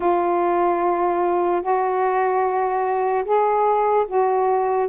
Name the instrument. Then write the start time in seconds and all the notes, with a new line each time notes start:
saxophone
0.00 F4
1.62 F#4
3.24 G#4
4.07 F#4